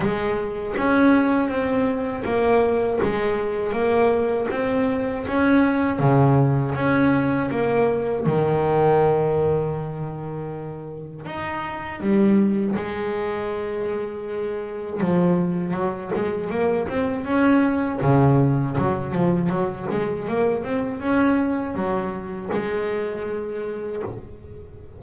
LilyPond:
\new Staff \with { instrumentName = "double bass" } { \time 4/4 \tempo 4 = 80 gis4 cis'4 c'4 ais4 | gis4 ais4 c'4 cis'4 | cis4 cis'4 ais4 dis4~ | dis2. dis'4 |
g4 gis2. | f4 fis8 gis8 ais8 c'8 cis'4 | cis4 fis8 f8 fis8 gis8 ais8 c'8 | cis'4 fis4 gis2 | }